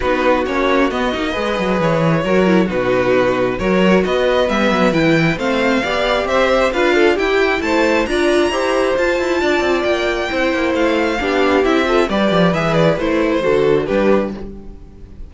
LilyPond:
<<
  \new Staff \with { instrumentName = "violin" } { \time 4/4 \tempo 4 = 134 b'4 cis''4 dis''2 | cis''2 b'2 | cis''4 dis''4 e''4 g''4 | f''2 e''4 f''4 |
g''4 a''4 ais''2 | a''2 g''2 | f''2 e''4 d''4 | e''8 d''8 c''2 b'4 | }
  \new Staff \with { instrumentName = "violin" } { \time 4/4 fis'2. b'4~ | b'4 ais'4 fis'2 | ais'4 b'2. | c''4 d''4 c''4 b'8 a'8 |
g'4 c''4 d''4 c''4~ | c''4 d''2 c''4~ | c''4 g'4. a'8 b'4~ | b'2 a'4 g'4 | }
  \new Staff \with { instrumentName = "viola" } { \time 4/4 dis'4 cis'4 b8 dis'8 gis'4~ | gis'4 fis'8 e'8 dis'2 | fis'2 b4 e'4 | c'4 g'2 f'4 |
e'2 f'4 g'4 | f'2. e'4~ | e'4 d'4 e'8 f'8 g'4 | gis'4 e'4 fis'4 d'4 | }
  \new Staff \with { instrumentName = "cello" } { \time 4/4 b4 ais4 b8 ais8 gis8 fis8 | e4 fis4 b,2 | fis4 b4 g8 fis8 e4 | a4 b4 c'4 d'4 |
e'4 a4 d'4 e'4 | f'8 e'8 d'8 c'8 ais4 c'8 ais8 | a4 b4 c'4 g8 f8 | e4 a4 d4 g4 | }
>>